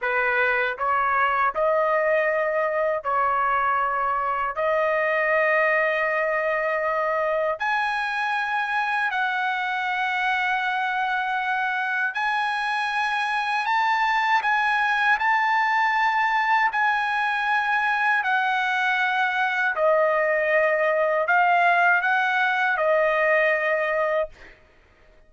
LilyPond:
\new Staff \with { instrumentName = "trumpet" } { \time 4/4 \tempo 4 = 79 b'4 cis''4 dis''2 | cis''2 dis''2~ | dis''2 gis''2 | fis''1 |
gis''2 a''4 gis''4 | a''2 gis''2 | fis''2 dis''2 | f''4 fis''4 dis''2 | }